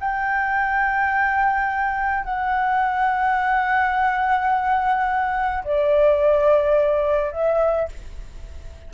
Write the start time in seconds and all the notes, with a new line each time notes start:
0.00 G5
2.25 F#5
5.64 D5
7.32 E5